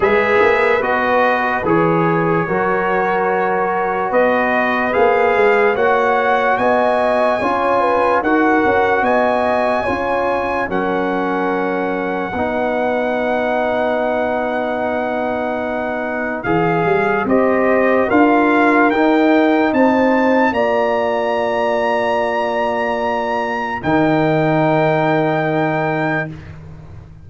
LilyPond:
<<
  \new Staff \with { instrumentName = "trumpet" } { \time 4/4 \tempo 4 = 73 e''4 dis''4 cis''2~ | cis''4 dis''4 f''4 fis''4 | gis''2 fis''4 gis''4~ | gis''4 fis''2.~ |
fis''1 | f''4 dis''4 f''4 g''4 | a''4 ais''2.~ | ais''4 g''2. | }
  \new Staff \with { instrumentName = "horn" } { \time 4/4 b'2. ais'4~ | ais'4 b'2 cis''4 | dis''4 cis''8 b'8 ais'4 dis''4 | cis''4 ais'2 b'4~ |
b'1~ | b'4 c''4 ais'2 | c''4 d''2.~ | d''4 ais'2. | }
  \new Staff \with { instrumentName = "trombone" } { \time 4/4 gis'4 fis'4 gis'4 fis'4~ | fis'2 gis'4 fis'4~ | fis'4 f'4 fis'2 | f'4 cis'2 dis'4~ |
dis'1 | gis'4 g'4 f'4 dis'4~ | dis'4 f'2.~ | f'4 dis'2. | }
  \new Staff \with { instrumentName = "tuba" } { \time 4/4 gis8 ais8 b4 e4 fis4~ | fis4 b4 ais8 gis8 ais4 | b4 cis'4 dis'8 cis'8 b4 | cis'4 fis2 b4~ |
b1 | e8 g8 c'4 d'4 dis'4 | c'4 ais2.~ | ais4 dis2. | }
>>